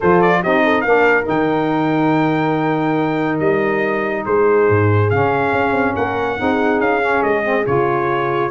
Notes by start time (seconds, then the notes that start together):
0.00 F3 F4 A4 C5
0.21 D5
0.42 C4 D#4 G4 D#5
0.63 A4
0.81 A#3 D4 F5
0.87 A#4
1.23 D#3 D#4 G5
3.39 G3 D#5
4.25 G#3 G#4 C5
4.69 G#2
5.10 C#3 C#4 F5
5.52 C#4
5.72 C4
5.95 A#3 A#4 F#5
6.37 C4 D#4 G#4
6.79 C#4 F5
7.00 C#4
7.22 G#3 D#5
7.43 C4
7.65 C#3 F4 C#5